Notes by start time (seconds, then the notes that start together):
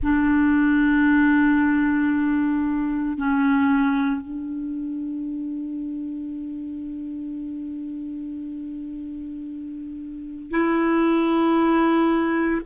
0.02 D4
3.17 C#4
4.21 D4
10.50 E4